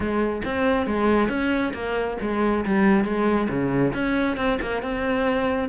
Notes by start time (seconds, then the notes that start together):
0.00 G#3
0.44 C4
0.86 G#3
1.28 C#4
1.73 A#3
2.21 G#3
2.65 G3
3.04 G#3
3.49 C#3
3.93 C#4
4.37 C4
4.61 A#3
4.82 C4